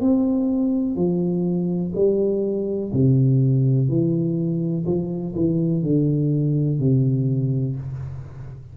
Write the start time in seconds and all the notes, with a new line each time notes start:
0.00 C4
0.96 F3
1.95 G3
2.92 C3
3.88 E3
4.86 F3
5.35 E3
5.82 D3
6.79 C3